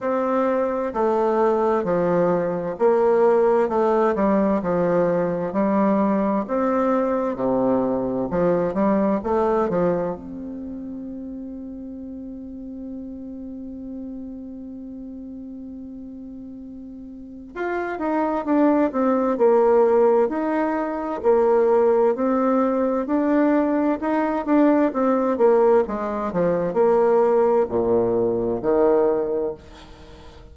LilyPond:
\new Staff \with { instrumentName = "bassoon" } { \time 4/4 \tempo 4 = 65 c'4 a4 f4 ais4 | a8 g8 f4 g4 c'4 | c4 f8 g8 a8 f8 c'4~ | c'1~ |
c'2. f'8 dis'8 | d'8 c'8 ais4 dis'4 ais4 | c'4 d'4 dis'8 d'8 c'8 ais8 | gis8 f8 ais4 ais,4 dis4 | }